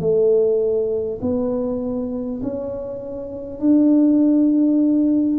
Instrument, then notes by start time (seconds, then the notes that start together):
tuba
0.00 A3
1.22 B3
2.43 C#4
3.60 D4